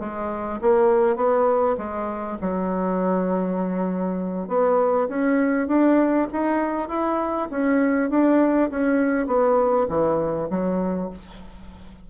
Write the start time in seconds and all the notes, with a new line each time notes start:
0.00 G#3
0.62 A#3
1.16 B3
1.78 G#3
2.42 F#3
4.48 B3
5.09 C#4
5.68 D4
6.32 D#4
6.89 E4
7.51 C#4
8.10 D4
8.71 C#4
9.27 B3
9.89 E3
10.50 F#3